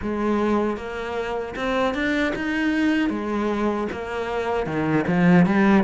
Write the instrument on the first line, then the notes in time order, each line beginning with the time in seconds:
cello
0.02 G#3
0.76 A#3
1.55 C4
1.94 D4
2.35 D#4
3.09 G#3
3.92 A#3
4.66 D#3
5.07 F3
5.45 G3